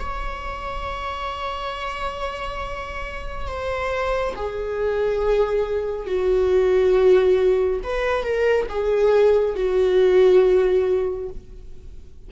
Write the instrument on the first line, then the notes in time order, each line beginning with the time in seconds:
viola
0.00 C#5
3.48 C5
4.36 G#4
6.07 F#4
7.84 B4
8.24 A#4
8.70 G#4
9.56 F#4